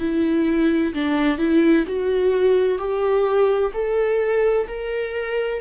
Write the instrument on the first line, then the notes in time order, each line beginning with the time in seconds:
viola
0.00 E4
0.94 D4
1.38 E4
1.87 F#4
2.79 G4
3.74 A4
4.68 A#4